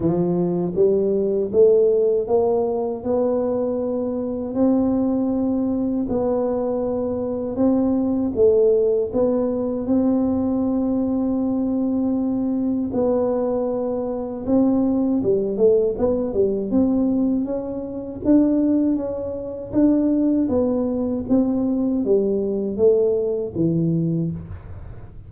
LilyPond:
\new Staff \with { instrumentName = "tuba" } { \time 4/4 \tempo 4 = 79 f4 g4 a4 ais4 | b2 c'2 | b2 c'4 a4 | b4 c'2.~ |
c'4 b2 c'4 | g8 a8 b8 g8 c'4 cis'4 | d'4 cis'4 d'4 b4 | c'4 g4 a4 e4 | }